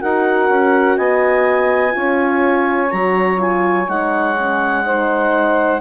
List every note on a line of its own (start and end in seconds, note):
0.00 0.49 D#4
0.00 1.91 F#4
0.00 0.97 A#4
0.00 0.97 F#5
0.49 0.97 C#4
0.97 1.95 B3
0.97 1.94 D#5
0.97 2.91 G#5
1.91 2.92 C#4
1.91 2.88 F4
1.91 4.85 C#5
2.91 3.88 F#3
2.91 3.37 F#4
2.91 3.39 A#5
3.37 3.86 F4
3.37 3.88 G#5
3.88 5.80 G#3
3.88 4.37 D#4
3.88 5.80 F#5
4.38 4.84 C#4
4.84 5.80 D#4
4.84 5.80 C5